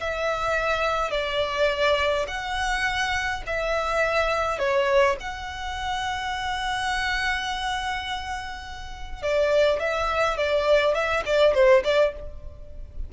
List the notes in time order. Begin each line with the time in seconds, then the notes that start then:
0.00 E5
1.11 D5
2.28 F#5
3.47 E5
4.59 C#5
5.20 F#5
9.23 D5
9.80 E5
10.37 D5
10.94 E5
11.26 D5
11.54 C5
11.84 D5